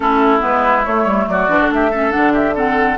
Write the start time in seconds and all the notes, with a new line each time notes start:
0.00 A3 C#4 E4 A4
0.39 G#3 B3 B4
0.85 A3 C#5
1.04 G3
1.27 F#3 F#4 D5
1.48 E3 D4
1.60 D3
1.70 A3 G4 E5
1.90 C#4 A4
2.10 D3 D4 F#5
2.32 G4 E5
2.55 C4 A4 F#5